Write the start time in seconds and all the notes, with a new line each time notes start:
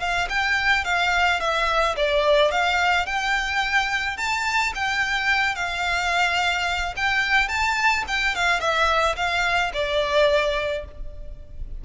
0.00 F5
0.29 G5
0.84 F5
1.40 E5
1.96 D5
2.51 F5
3.06 G5
4.17 A5
4.74 G5
5.55 F5
6.96 G5
7.48 A5
8.07 G5
8.35 F5
8.60 E5
9.16 F5
9.74 D5